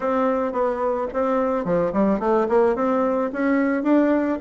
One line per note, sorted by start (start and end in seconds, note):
0.00 0.52 C4
0.52 1.07 B3
1.13 1.64 C4
1.64 1.92 F3
1.92 2.19 G3
2.19 2.47 A3
2.48 2.75 A#3
2.75 3.30 C4
3.33 3.83 C#4
3.83 4.38 D4